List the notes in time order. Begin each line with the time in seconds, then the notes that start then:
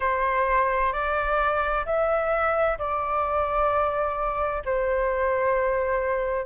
0.00 C5
0.92 D5
1.85 E5
2.78 D5
4.64 C5